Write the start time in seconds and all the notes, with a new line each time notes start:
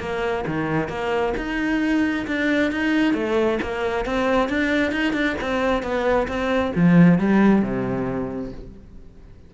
0.00 A#3
0.47 D#3
0.89 A#3
1.37 D#4
2.27 D4
2.71 D#4
3.14 A3
3.62 A#3
4.05 C4
4.49 D4
4.92 D#4
5.13 D4
5.41 C4
5.82 B3
6.27 C4
6.75 F3
7.18 G3
7.62 C3